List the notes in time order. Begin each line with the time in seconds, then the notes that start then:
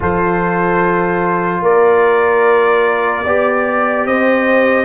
0.00 F3 F4 A4 C5
1.60 A#3 A#4 D5
3.23 B3 G4 D5
4.05 C4 C5 D#5